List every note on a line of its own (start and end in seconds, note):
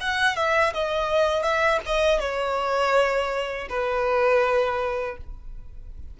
0.00 0.36 F#5
0.36 0.73 E5
0.73 1.42 D#5
1.42 1.79 E5
1.86 2.20 D#5
2.20 3.68 C#5
3.69 5.17 B4